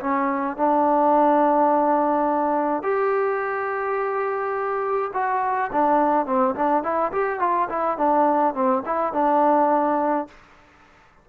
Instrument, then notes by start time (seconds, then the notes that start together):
trombone
0.00 C#4
0.57 D4
2.83 G4
5.14 F#4
5.72 D4
6.26 C4
6.55 D4
6.83 E4
7.12 G4
7.40 F4
7.69 E4
7.98 D4
8.54 C4
8.85 E4
9.13 D4